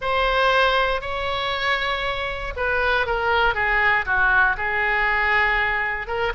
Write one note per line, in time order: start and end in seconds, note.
0.01 1.01 C5
1.01 2.53 C#5
2.56 3.06 B4
3.06 3.54 A#4
3.54 4.05 G#4
4.05 4.56 F#4
4.57 6.07 G#4
6.07 6.32 A#4